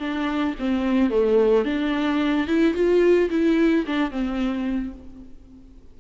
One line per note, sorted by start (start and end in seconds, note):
0.00 0.55 D4
0.60 1.10 C4
1.10 1.65 A3
1.65 2.47 D4
2.47 2.74 E4
2.74 3.30 F4
3.30 3.85 E4
3.87 4.11 D4
4.11 4.94 C4